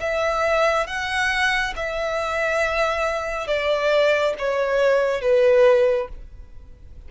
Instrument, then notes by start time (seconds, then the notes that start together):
violin
0.00 E5
0.87 F#5
1.76 E5
3.47 D5
4.38 C#5
5.21 B4